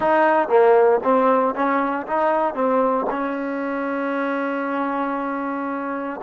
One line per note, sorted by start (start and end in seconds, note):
0.00 0.48 D#4
0.48 1.00 A#3
1.03 1.54 C4
1.54 2.06 C#4
2.06 2.54 D#4
2.54 3.06 C4
3.10 6.20 C#4